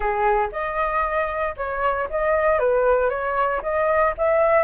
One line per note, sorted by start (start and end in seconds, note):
0.00 0.48 G#4
0.51 1.55 D#5
1.57 2.08 C#5
2.09 2.59 D#5
2.59 3.09 B4
3.09 3.61 C#5
3.62 4.14 D#5
4.17 4.64 E5